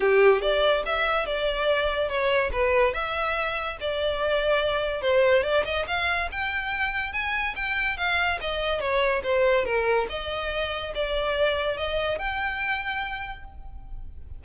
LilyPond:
\new Staff \with { instrumentName = "violin" } { \time 4/4 \tempo 4 = 143 g'4 d''4 e''4 d''4~ | d''4 cis''4 b'4 e''4~ | e''4 d''2. | c''4 d''8 dis''8 f''4 g''4~ |
g''4 gis''4 g''4 f''4 | dis''4 cis''4 c''4 ais'4 | dis''2 d''2 | dis''4 g''2. | }